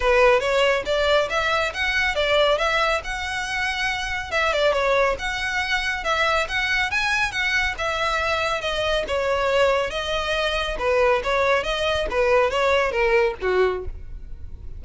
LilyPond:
\new Staff \with { instrumentName = "violin" } { \time 4/4 \tempo 4 = 139 b'4 cis''4 d''4 e''4 | fis''4 d''4 e''4 fis''4~ | fis''2 e''8 d''8 cis''4 | fis''2 e''4 fis''4 |
gis''4 fis''4 e''2 | dis''4 cis''2 dis''4~ | dis''4 b'4 cis''4 dis''4 | b'4 cis''4 ais'4 fis'4 | }